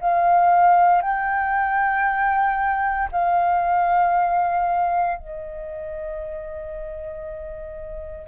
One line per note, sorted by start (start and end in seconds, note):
0.00 1.02 F5
1.02 3.09 G5
3.12 5.18 F5
5.18 8.28 D#5